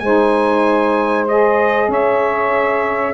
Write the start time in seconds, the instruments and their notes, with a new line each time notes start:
0.00 tuba G#3, saxophone D#4 C5, trumpet G#5
1.28 saxophone G#4, trumpet D#5
1.89 tuba C#4, saxophone C#5, trumpet E5